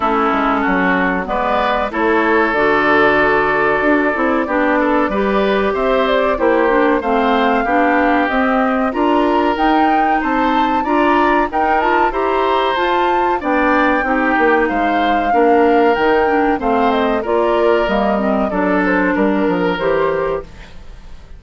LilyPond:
<<
  \new Staff \with { instrumentName = "flute" } { \time 4/4 \tempo 4 = 94 a'2 d''4 cis''4 | d''1~ | d''4 e''8 d''8 c''4 f''4~ | f''4 dis''4 ais''4 g''4 |
a''4 ais''4 g''8 a''8 ais''4 | a''4 g''2 f''4~ | f''4 g''4 f''8 dis''8 d''4 | dis''4 d''8 c''8 ais'4 c''4 | }
  \new Staff \with { instrumentName = "oboe" } { \time 4/4 e'4 fis'4 b'4 a'4~ | a'2. g'8 a'8 | b'4 c''4 g'4 c''4 | g'2 ais'2 |
c''4 d''4 ais'4 c''4~ | c''4 d''4 g'4 c''4 | ais'2 c''4 ais'4~ | ais'4 a'4 ais'2 | }
  \new Staff \with { instrumentName = "clarinet" } { \time 4/4 cis'2 b4 e'4 | fis'2~ fis'8 e'8 d'4 | g'2 e'8 d'8 c'4 | d'4 c'4 f'4 dis'4~ |
dis'4 f'4 dis'8 f'8 g'4 | f'4 d'4 dis'2 | d'4 dis'8 d'8 c'4 f'4 | ais8 c'8 d'2 g'4 | }
  \new Staff \with { instrumentName = "bassoon" } { \time 4/4 a8 gis8 fis4 gis4 a4 | d2 d'8 c'8 b4 | g4 c'4 ais4 a4 | b4 c'4 d'4 dis'4 |
c'4 d'4 dis'4 e'4 | f'4 b4 c'8 ais8 gis4 | ais4 dis4 a4 ais4 | g4 fis4 g8 f8 e4 | }
>>